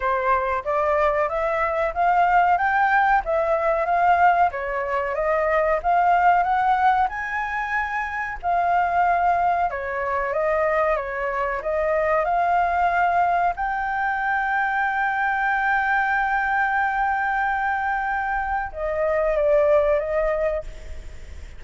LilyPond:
\new Staff \with { instrumentName = "flute" } { \time 4/4 \tempo 4 = 93 c''4 d''4 e''4 f''4 | g''4 e''4 f''4 cis''4 | dis''4 f''4 fis''4 gis''4~ | gis''4 f''2 cis''4 |
dis''4 cis''4 dis''4 f''4~ | f''4 g''2.~ | g''1~ | g''4 dis''4 d''4 dis''4 | }